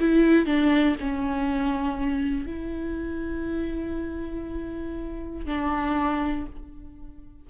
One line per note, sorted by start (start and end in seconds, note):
0.00 0.46 E4
0.46 0.96 D4
1.00 2.47 C#4
2.47 5.46 E4
5.46 6.46 D4